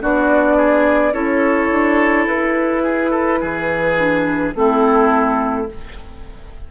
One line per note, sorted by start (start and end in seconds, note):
0.00 1.13 B3
0.00 1.13 D4
0.00 0.57 F#4
0.00 1.14 D5
0.57 1.14 G#4
1.13 1.70 C#4
1.13 3.96 E4
1.13 2.84 A4
1.13 2.27 C#5
1.72 2.27 D4
2.27 3.41 E4
2.27 4.54 B4
2.84 3.11 G#4
3.11 3.39 A4
3.41 4.55 E3
3.41 4.54 G#4
3.98 4.54 D4
4.55 5.68 A3
4.55 5.68 C4
4.55 5.72 E4
4.55 5.69 A4